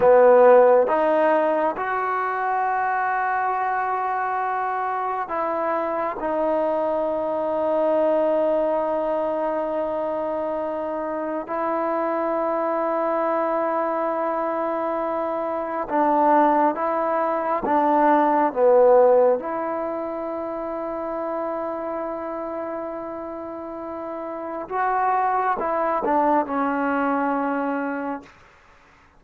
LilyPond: \new Staff \with { instrumentName = "trombone" } { \time 4/4 \tempo 4 = 68 b4 dis'4 fis'2~ | fis'2 e'4 dis'4~ | dis'1~ | dis'4 e'2.~ |
e'2 d'4 e'4 | d'4 b4 e'2~ | e'1 | fis'4 e'8 d'8 cis'2 | }